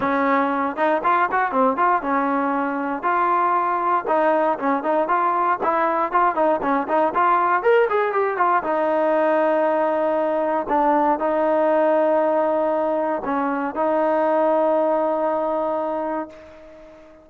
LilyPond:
\new Staff \with { instrumentName = "trombone" } { \time 4/4 \tempo 4 = 118 cis'4. dis'8 f'8 fis'8 c'8 f'8 | cis'2 f'2 | dis'4 cis'8 dis'8 f'4 e'4 | f'8 dis'8 cis'8 dis'8 f'4 ais'8 gis'8 |
g'8 f'8 dis'2.~ | dis'4 d'4 dis'2~ | dis'2 cis'4 dis'4~ | dis'1 | }